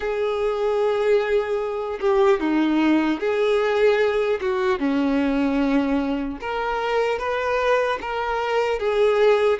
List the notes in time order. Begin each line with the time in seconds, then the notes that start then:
0.00 G#4
2.00 G4
2.40 D#4
3.20 G#4
4.40 F#4
4.79 C#4
6.40 A#4
7.18 B4
8.01 A#4
8.79 G#4